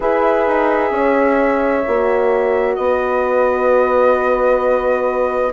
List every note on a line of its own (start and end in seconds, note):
0.00 0.47 E4
0.00 1.84 G#4
0.00 0.92 B4
0.00 2.75 E5
0.47 0.90 D#4
0.90 1.83 C#4
0.90 2.77 C#5
1.87 2.77 A#3
1.87 5.52 F#4
2.75 5.52 B3
2.75 5.52 B4
2.75 5.52 D#5